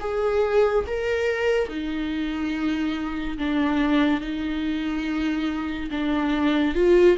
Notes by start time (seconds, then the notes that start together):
0.00 G#4
0.87 A#4
1.69 D#4
3.38 D4
4.21 D#4
5.91 D4
6.75 F4